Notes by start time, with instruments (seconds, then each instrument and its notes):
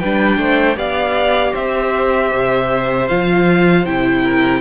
0.00 cello G3, viola D4, violin B4 G5
0.38 cello A3, violin C5
0.76 cello B3, viola G4, violin D5 F5
1.53 cello C4, violin C5 E5
2.34 cello C3
3.09 cello F3, viola F4, violin F5
3.86 cello C3, viola E4, violin G5
4.24 violin A#4